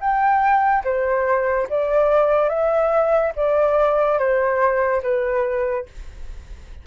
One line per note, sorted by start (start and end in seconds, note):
0.00 0.83 G5
0.84 1.67 C5
1.69 2.49 D5
2.49 3.32 E5
3.36 4.18 D5
4.18 5.02 C5
5.02 5.86 B4